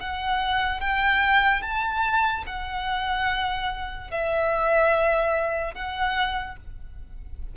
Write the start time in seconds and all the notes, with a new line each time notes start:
0.00 F#5
0.81 G5
1.62 A5
2.47 F#5
4.11 E5
5.75 F#5